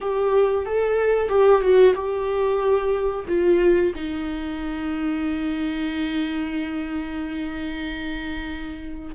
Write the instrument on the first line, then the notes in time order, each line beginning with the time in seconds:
viola
0.00 G4
0.65 A4
1.29 G4
1.61 F#4
1.94 G4
3.28 F4
3.95 D#4